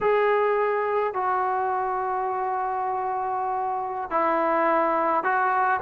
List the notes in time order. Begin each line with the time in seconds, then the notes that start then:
0.00 G#4
1.13 F#4
4.10 E4
5.23 F#4